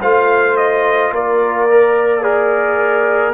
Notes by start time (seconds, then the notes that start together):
0.00 A3 F4 C5 F5
0.57 D#5
1.12 A#3 A#4 D5
1.70 A#4
2.21 G#4 A#4 D5